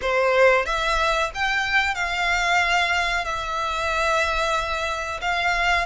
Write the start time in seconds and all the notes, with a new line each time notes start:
0.01 C5
0.65 E5
1.34 G5
1.94 F5
3.24 E5
5.21 F5